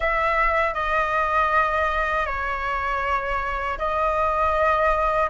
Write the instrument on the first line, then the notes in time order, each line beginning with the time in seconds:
flute
0.00 E5
0.74 D#5
2.26 C#5
3.78 D#5